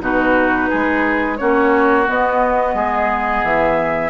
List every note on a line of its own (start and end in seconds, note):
0.00 0.68 B2
0.00 1.37 D#4
0.00 0.69 F#4
0.00 1.37 B4
0.69 1.40 G#3
0.69 1.37 G#4
1.37 2.08 A#3
1.37 2.06 C#4
1.37 2.75 F#4
1.37 2.05 C#5
2.06 4.10 B3
2.06 2.74 B3
2.06 3.44 D#5
2.74 3.42 G#3
2.74 4.10 G#4
3.43 4.10 E3
3.43 4.10 E5